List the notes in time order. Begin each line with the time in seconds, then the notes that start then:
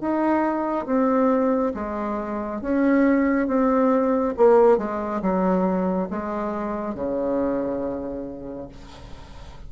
0.00 D#4
0.85 C4
1.74 G#3
2.61 C#4
3.47 C4
4.36 A#3
4.77 G#3
5.21 F#3
6.10 G#3
6.94 C#3